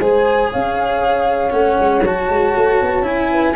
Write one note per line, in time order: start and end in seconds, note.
0.00 0.51 G#3
0.00 1.50 G#4
0.00 0.51 C5
0.00 0.51 G#5
0.51 1.52 C#4
0.51 3.31 C#5
0.51 1.52 F5
1.50 1.78 A3
1.50 2.01 C#4
1.50 2.03 F#5
1.80 2.04 G#3
2.04 2.29 F#3
2.04 3.03 F#4
2.04 3.05 A5
2.29 2.55 G#3
2.56 2.81 A3
2.82 3.02 B3
3.02 3.53 C#4
3.02 3.54 E4
3.02 3.56 G#5
3.31 3.56 B4